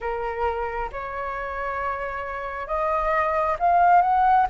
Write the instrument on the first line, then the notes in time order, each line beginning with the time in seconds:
flute
0.00 A#4
0.92 C#5
2.67 D#5
3.59 F5
4.01 F#5